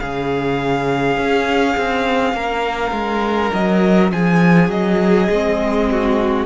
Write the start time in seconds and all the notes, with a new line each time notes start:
0.00 C#3 C#4 G#4 F5
1.17 C#4
1.78 C4
2.34 A#3 A#4
2.92 G#3
3.54 F#3 D#5
4.12 F3 G#4 G#5
4.70 F#3 D#5
5.30 G#3 C4
5.91 F#4